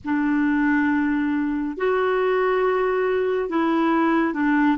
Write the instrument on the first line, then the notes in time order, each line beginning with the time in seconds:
clarinet
0.04 D4
1.77 F#4
3.49 E4
4.33 D4